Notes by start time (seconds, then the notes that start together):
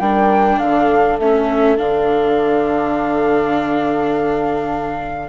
0.00 G3 D4 A#4 G5
0.59 D3 A4 F5
1.19 A3 C#4 E5
1.77 D3 D4 F5